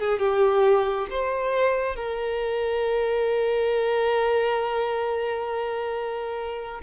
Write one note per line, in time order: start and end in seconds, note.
0.00 0.20 G#4
0.20 1.08 G4
1.11 1.96 C5
1.96 6.81 A#4